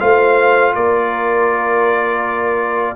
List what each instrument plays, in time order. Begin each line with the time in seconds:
0.00 tuba A3, trombone F4, horn C5, trumpet F5
0.75 tuba A#3, horn A#4, trumpet D5